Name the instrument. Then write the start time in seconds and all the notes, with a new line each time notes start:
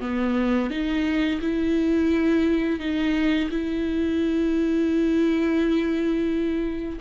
viola
0.00 B3
0.70 D#4
1.40 E4
2.79 D#4
3.50 E4